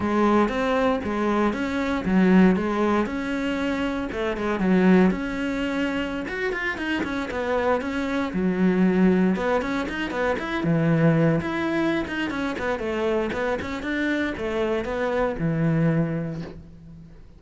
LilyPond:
\new Staff \with { instrumentName = "cello" } { \time 4/4 \tempo 4 = 117 gis4 c'4 gis4 cis'4 | fis4 gis4 cis'2 | a8 gis8 fis4 cis'2~ | cis'16 fis'8 f'8 dis'8 cis'8 b4 cis'8.~ |
cis'16 fis2 b8 cis'8 dis'8 b16~ | b16 e'8 e4. e'4~ e'16 dis'8 | cis'8 b8 a4 b8 cis'8 d'4 | a4 b4 e2 | }